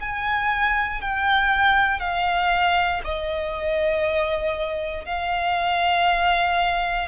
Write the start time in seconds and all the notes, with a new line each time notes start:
0.00 G#5
1.01 G5
2.00 F5
3.04 D#5
5.05 F5